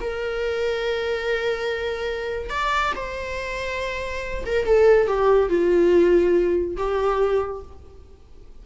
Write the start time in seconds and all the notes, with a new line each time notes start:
0.00 A#4
2.50 D5
2.95 C5
4.46 A#4
4.65 A4
5.07 G4
5.49 F4
6.76 G4